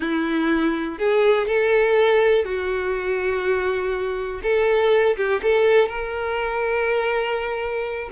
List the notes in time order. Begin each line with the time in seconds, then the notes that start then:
0.00 E4
0.98 G#4
1.47 A4
2.45 F#4
4.42 A4
5.16 G4
5.42 A4
5.88 A#4